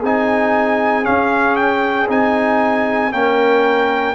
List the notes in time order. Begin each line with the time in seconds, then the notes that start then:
0.00 C4 D#4 G#4 G#5
1.04 C#4 F5
1.56 G5
2.09 C4 D#4 G#5
3.12 A#3 C#4 A#4 G5